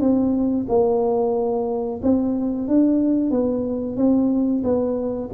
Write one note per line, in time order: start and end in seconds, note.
0.00 0.66 C4
0.68 2.00 A#3
2.02 2.67 C4
2.67 3.30 D4
3.30 3.96 B3
3.96 4.62 C4
4.64 5.30 B3